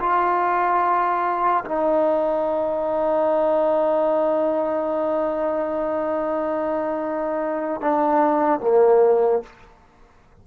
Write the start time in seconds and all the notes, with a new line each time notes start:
0.00 F4
1.65 D#4
7.81 D4
8.60 A#3